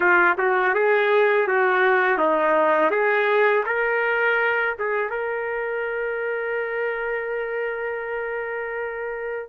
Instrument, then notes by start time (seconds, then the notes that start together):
trumpet
0.00 F4
0.38 F#4
0.74 G#4
1.47 F#4
2.18 D#4
2.90 G#4
3.66 A#4
4.78 G#4
5.10 A#4